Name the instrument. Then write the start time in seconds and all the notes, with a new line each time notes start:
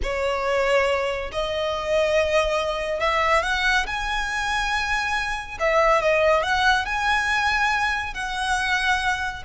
violin
0.02 C#5
1.31 D#5
3.00 E5
3.43 F#5
3.86 G#5
5.59 E5
6.01 D#5
6.43 F#5
6.85 G#5
8.14 F#5